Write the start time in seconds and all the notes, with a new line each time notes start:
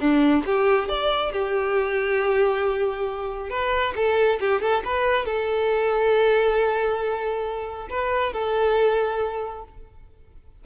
0.00 D4
0.45 G4
0.88 D5
1.32 G4
3.50 B4
3.95 A4
4.40 G4
4.61 A4
4.84 B4
5.25 A4
7.89 B4
8.33 A4